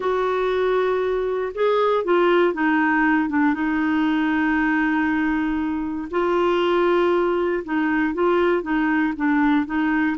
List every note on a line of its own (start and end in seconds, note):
0.00 1.53 F#4
1.54 2.04 G#4
2.04 2.53 F4
2.53 3.29 D#4
3.29 3.54 D4
3.54 6.08 D#4
6.10 7.63 F4
7.64 8.14 D#4
8.14 8.62 F4
8.62 9.13 D#4
9.16 9.65 D4
9.65 10.16 D#4